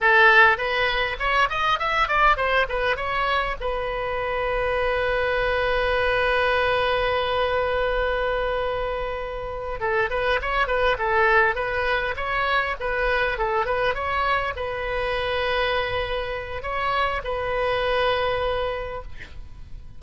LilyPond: \new Staff \with { instrumentName = "oboe" } { \time 4/4 \tempo 4 = 101 a'4 b'4 cis''8 dis''8 e''8 d''8 | c''8 b'8 cis''4 b'2~ | b'1~ | b'1~ |
b'8 a'8 b'8 cis''8 b'8 a'4 b'8~ | b'8 cis''4 b'4 a'8 b'8 cis''8~ | cis''8 b'2.~ b'8 | cis''4 b'2. | }